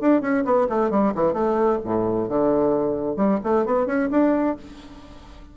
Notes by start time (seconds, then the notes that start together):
0.00 D4
0.21 C#4
0.44 B3
0.69 A3
0.90 G3
1.15 E3
1.33 A3
1.84 A2
2.29 D3
3.16 G3
3.43 A3
3.65 B3
3.86 C#4
4.11 D4